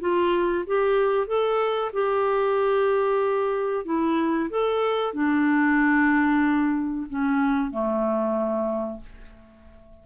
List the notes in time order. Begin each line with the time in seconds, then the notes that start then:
0.00 F4
0.66 G4
1.27 A4
1.93 G4
3.85 E4
4.50 A4
5.13 D4
7.09 C#4
7.71 A3